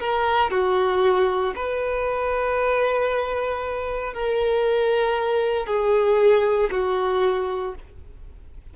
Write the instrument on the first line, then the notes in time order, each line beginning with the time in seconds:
violin
0.00 A#4
0.51 F#4
1.56 B4
4.14 A#4
5.67 G#4
6.71 F#4